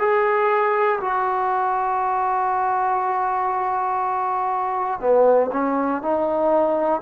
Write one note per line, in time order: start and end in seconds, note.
0.00 1.00 G#4
1.01 5.00 F#4
5.00 5.50 B3
5.53 6.02 C#4
6.02 7.02 D#4